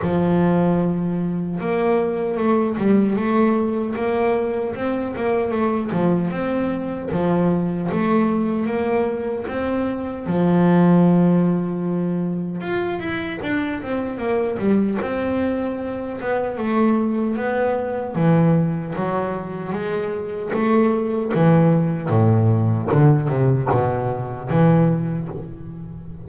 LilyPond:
\new Staff \with { instrumentName = "double bass" } { \time 4/4 \tempo 4 = 76 f2 ais4 a8 g8 | a4 ais4 c'8 ais8 a8 f8 | c'4 f4 a4 ais4 | c'4 f2. |
f'8 e'8 d'8 c'8 ais8 g8 c'4~ | c'8 b8 a4 b4 e4 | fis4 gis4 a4 e4 | a,4 d8 c8 b,4 e4 | }